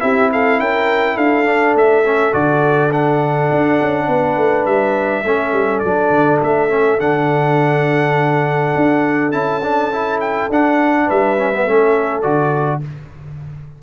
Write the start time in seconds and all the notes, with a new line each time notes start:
0.00 C4 E4 G4 E5
0.32 A4 F5
0.60 C#4 A#4 G5
1.15 D4 A4 F5
1.46 D4
1.75 A3 E5
2.06 C#4
2.33 D3 F#4 D5
2.92 D4 F#5
3.52 D4
3.81 C#4
4.08 B3 B4
4.37 A3
4.66 G3 E5
5.24 A3 C#4 A4
5.53 G3
5.80 F#3 D4 D5
6.11 D3
6.43 A3 E5
6.70 C#4
7.00 D3 D4 F#5
8.76 D4
9.32 C#4 E4 A5
9.63 D4
9.93 E4
10.21 G5
10.50 D4 F#5
11.07 G3 B4 E5
11.38 C#4
11.53 B3
11.64 A3 C#4 A4
12.22 D3 F#4 D5